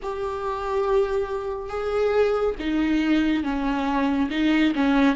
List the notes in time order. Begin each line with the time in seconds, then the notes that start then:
0.02 G4
1.69 G#4
2.59 D#4
3.43 C#4
4.30 D#4
4.75 C#4